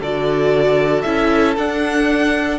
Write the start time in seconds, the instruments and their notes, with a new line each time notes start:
0.00 cello D3, viola F#4, violin A4 D5
1.02 cello C#4, viola E4, violin E5
1.56 cello D4, viola D4, violin F#5